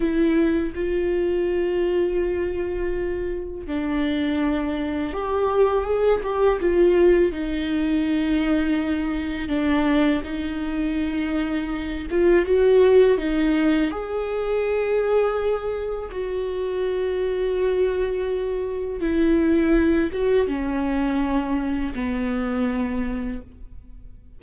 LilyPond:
\new Staff \with { instrumentName = "viola" } { \time 4/4 \tempo 4 = 82 e'4 f'2.~ | f'4 d'2 g'4 | gis'8 g'8 f'4 dis'2~ | dis'4 d'4 dis'2~ |
dis'8 f'8 fis'4 dis'4 gis'4~ | gis'2 fis'2~ | fis'2 e'4. fis'8 | cis'2 b2 | }